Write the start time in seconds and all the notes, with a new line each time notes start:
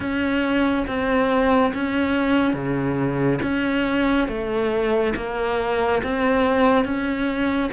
0.00 C#4
0.87 C4
1.74 C#4
2.53 C#3
3.42 C#4
4.27 A3
5.16 A#3
6.03 C4
6.84 C#4